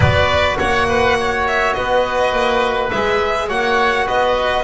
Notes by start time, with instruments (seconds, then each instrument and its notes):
0.00 double bass B3, trombone F#4, oboe B4, violin D5
0.58 double bass A#3, oboe C#5, violin F#5
0.88 oboe B4
1.19 oboe C#5
1.47 violin E5
1.73 double bass B3, oboe B4, violin D#5
2.32 double bass A#3
2.90 double bass G#3, trombone G#4, violin E5
3.48 double bass A#3, trombone F#4, oboe C#5, violin F#5
4.06 double bass B3, oboe B4, violin D#5